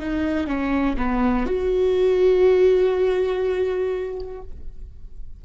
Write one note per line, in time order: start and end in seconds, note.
0.00 0.47 D#4
0.47 0.96 C#4
0.97 1.46 B3
1.46 4.41 F#4